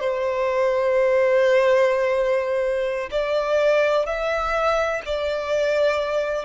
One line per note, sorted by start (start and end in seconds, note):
0.00 3.10 C5
3.11 4.06 D5
4.06 5.01 E5
5.06 6.45 D5